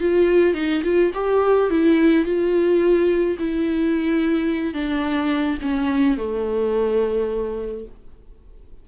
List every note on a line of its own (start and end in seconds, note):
0.00 0.54 F4
0.54 0.82 D#4
0.84 1.12 F4
1.14 1.70 G4
1.70 2.25 E4
2.25 3.37 F4
3.39 4.74 E4
4.74 5.58 D4
5.62 6.17 C#4
6.17 7.86 A3